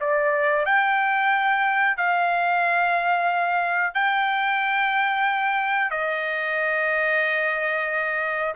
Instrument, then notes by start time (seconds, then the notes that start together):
trumpet
0.00 D5
0.65 G5
1.97 F5
3.94 G5
5.90 D#5